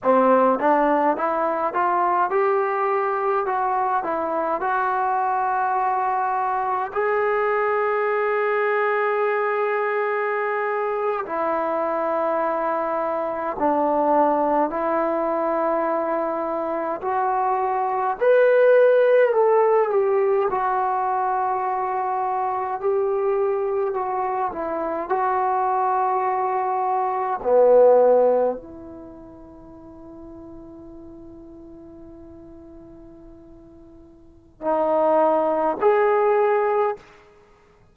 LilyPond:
\new Staff \with { instrumentName = "trombone" } { \time 4/4 \tempo 4 = 52 c'8 d'8 e'8 f'8 g'4 fis'8 e'8 | fis'2 gis'2~ | gis'4.~ gis'16 e'2 d'16~ | d'8. e'2 fis'4 b'16~ |
b'8. a'8 g'8 fis'2 g'16~ | g'8. fis'8 e'8 fis'2 b16~ | b8. e'2.~ e'16~ | e'2 dis'4 gis'4 | }